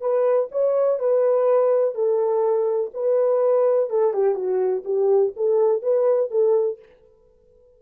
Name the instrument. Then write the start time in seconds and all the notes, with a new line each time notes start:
horn
0.00 B4
0.51 C#5
0.99 B4
1.94 A4
2.93 B4
3.89 A4
4.13 G4
4.35 F#4
4.84 G4
5.36 A4
5.82 B4
6.30 A4